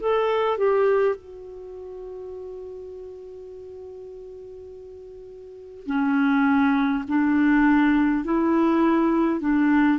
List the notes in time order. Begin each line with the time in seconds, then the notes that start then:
0.00 A4
0.58 G4
1.16 F#4
5.87 C#4
7.09 D4
8.25 E4
9.41 D4